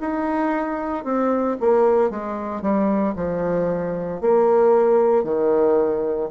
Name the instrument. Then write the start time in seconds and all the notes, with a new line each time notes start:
bassoon
0.00 D#4
1.04 C4
1.60 A#3
2.10 G#3
2.61 G3
3.15 F3
4.21 A#3
5.23 D#3